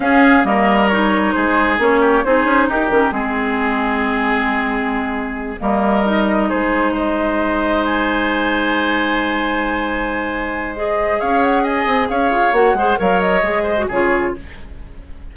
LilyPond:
<<
  \new Staff \with { instrumentName = "flute" } { \time 4/4 \tempo 4 = 134 f''4 dis''4 cis''4 c''4 | cis''4 c''4 ais'4 gis'4~ | gis'1~ | gis'8 dis''2 c''4 dis''8~ |
dis''4. gis''2~ gis''8~ | gis''1 | dis''4 f''8 fis''8 gis''4 f''4 | fis''4 f''8 dis''4. cis''4 | }
  \new Staff \with { instrumentName = "oboe" } { \time 4/4 gis'4 ais'2 gis'4~ | gis'8 g'8 gis'4 g'4 gis'4~ | gis'1~ | gis'8 ais'2 gis'4 c''8~ |
c''1~ | c''1~ | c''4 cis''4 dis''4 cis''4~ | cis''8 c''8 cis''4. c''8 gis'4 | }
  \new Staff \with { instrumentName = "clarinet" } { \time 4/4 cis'4 ais4 dis'2 | cis'4 dis'4. cis'8 c'4~ | c'1~ | c'8 ais4 dis'2~ dis'8~ |
dis'1~ | dis'1 | gis'1 | fis'8 gis'8 ais'4 gis'8. fis'16 f'4 | }
  \new Staff \with { instrumentName = "bassoon" } { \time 4/4 cis'4 g2 gis4 | ais4 c'8 cis'8 dis'8 dis8 gis4~ | gis1~ | gis8 g2 gis4.~ |
gis1~ | gis1~ | gis4 cis'4. c'8 cis'8 f'8 | ais8 gis8 fis4 gis4 cis4 | }
>>